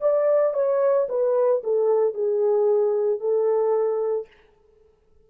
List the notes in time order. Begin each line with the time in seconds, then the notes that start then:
0.00 D5
0.53 C#5
1.08 B4
1.63 A4
2.14 G#4
3.19 A4